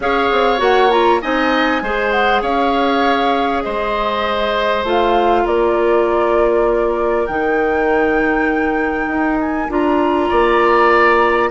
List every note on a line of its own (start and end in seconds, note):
0.00 0.30 C#4
0.00 0.57 G#4
0.00 1.21 C#5
0.00 0.61 F5
0.31 0.60 C4
0.57 1.20 A#3
0.57 0.88 F#4
0.57 0.90 F#5
0.90 1.20 F4
0.90 1.21 A#5
1.21 1.82 C4
1.21 1.82 D#4
1.21 1.82 D#5
1.21 2.11 G#5
1.82 2.41 G#3
1.82 4.85 G#4
1.82 2.42 C5
2.11 2.41 F#5
2.41 3.63 C#4
2.41 3.63 C#5
2.41 3.62 F5
3.62 4.83 G#3
3.62 5.43 C5
3.62 4.83 D#5
4.83 5.44 A3
4.83 7.27 F4
4.83 5.46 F5
5.43 7.28 A#3
5.43 10.28 A#4
5.43 7.26 D5
7.26 9.07 D#3
7.26 9.69 D#4
7.26 9.38 G5
9.07 9.68 D#4
9.40 9.70 G#5
9.69 10.30 D4
9.69 11.50 F4
9.69 11.50 A#5
10.28 11.50 A#3
10.28 11.50 D5